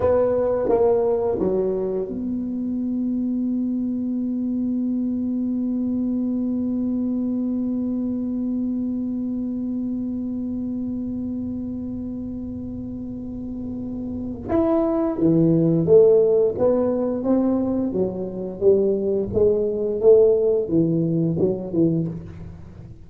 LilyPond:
\new Staff \with { instrumentName = "tuba" } { \time 4/4 \tempo 4 = 87 b4 ais4 fis4 b4~ | b1~ | b1~ | b1~ |
b1~ | b4 e'4 e4 a4 | b4 c'4 fis4 g4 | gis4 a4 e4 fis8 e8 | }